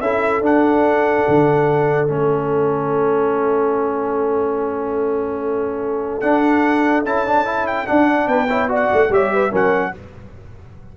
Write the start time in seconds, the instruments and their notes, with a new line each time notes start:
0.00 tuba C#4, trombone E4, horn A4, trumpet E5
0.41 tuba D4, trombone D4, trumpet F#5
1.27 tuba D3
2.08 tuba A3, trombone C#4, trumpet E5
6.20 tuba D4, trombone D4, trumpet F#5
7.04 tuba C#4, trombone E4, trumpet A5
7.26 trombone D4
7.44 trombone E4
7.66 trumpet G5
7.85 trombone D4, tuba D4, trumpet F#5
8.27 tuba B3, horn B4, trumpet G5
8.49 trombone E4, horn C#5
8.68 trombone F#4, horn D5
8.74 trumpet F#5
8.93 tuba A3
9.09 tuba G3, trombone G4, horn C#5, trumpet E5
9.33 horn B4
9.50 tuba F#3, trombone C#4, horn A#4, trumpet F#5